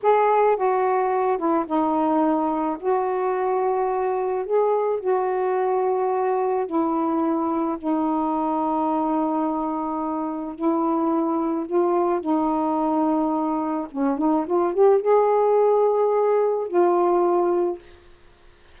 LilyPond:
\new Staff \with { instrumentName = "saxophone" } { \time 4/4 \tempo 4 = 108 gis'4 fis'4. e'8 dis'4~ | dis'4 fis'2. | gis'4 fis'2. | e'2 dis'2~ |
dis'2. e'4~ | e'4 f'4 dis'2~ | dis'4 cis'8 dis'8 f'8 g'8 gis'4~ | gis'2 f'2 | }